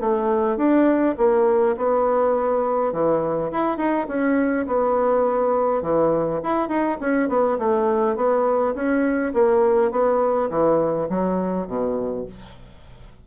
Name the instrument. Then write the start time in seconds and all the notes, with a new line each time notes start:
bassoon
0.00 A3
0.57 D4
1.18 A#3
1.77 B3
2.93 E3
3.52 E4
3.77 D#4
4.08 C#4
4.67 B3
5.82 E3
6.43 E4
6.69 D#4
7.00 C#4
7.29 B3
7.59 A3
8.16 B3
8.75 C#4
9.34 A#3
9.91 B3
10.50 E3
11.09 F#3
11.67 B2